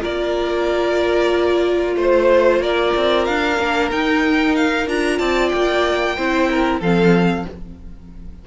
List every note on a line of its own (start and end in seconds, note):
0.00 1.95 A#3
0.00 3.55 F4
0.00 1.95 A#4
0.00 1.97 D5
1.95 2.60 A3
1.95 2.61 C5
1.95 2.62 C5
2.60 2.92 A#3
2.60 5.19 A#4
2.60 3.25 D5
2.96 3.28 C4
3.25 3.59 D4
3.25 3.89 F5
3.59 3.91 A#3
3.59 3.91 D4
3.91 4.88 D#4
3.91 4.87 D#4
3.91 4.56 G5
4.56 4.88 F5
4.87 5.19 D4
4.87 6.17 F4
4.87 5.19 A#5
5.19 5.52 C4
5.19 6.16 D5
5.19 5.49 A5
5.49 6.18 A#3
5.49 6.78 G5
6.16 6.80 C4
6.16 6.82 E4
6.16 6.49 C5
6.50 6.81 A#4
6.80 7.45 F3
6.80 7.47 C4
6.80 7.45 A4
6.80 7.47 F5